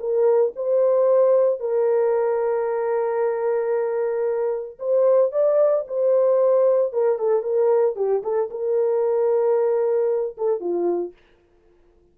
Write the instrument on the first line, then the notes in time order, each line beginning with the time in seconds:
horn
0.00 A#4
0.56 C5
1.60 A#4
4.79 C5
5.32 D5
5.88 C5
6.93 A#4
7.19 A4
7.43 A#4
7.96 G4
8.23 A4
8.51 A#4
10.38 A4
10.60 F4